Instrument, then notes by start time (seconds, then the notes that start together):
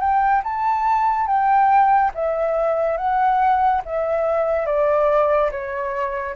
flute
0.00 G5
0.43 A5
1.27 G5
2.14 E5
2.97 F#5
3.85 E5
4.66 D5
5.51 C#5